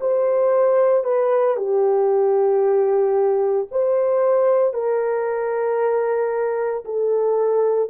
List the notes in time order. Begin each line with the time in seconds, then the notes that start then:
0.00 C5
1.04 B4
1.56 G4
3.71 C5
4.73 A#4
6.84 A4